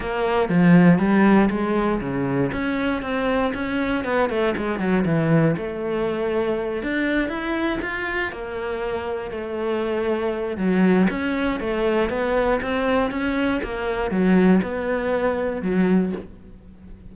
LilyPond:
\new Staff \with { instrumentName = "cello" } { \time 4/4 \tempo 4 = 119 ais4 f4 g4 gis4 | cis4 cis'4 c'4 cis'4 | b8 a8 gis8 fis8 e4 a4~ | a4. d'4 e'4 f'8~ |
f'8 ais2 a4.~ | a4 fis4 cis'4 a4 | b4 c'4 cis'4 ais4 | fis4 b2 fis4 | }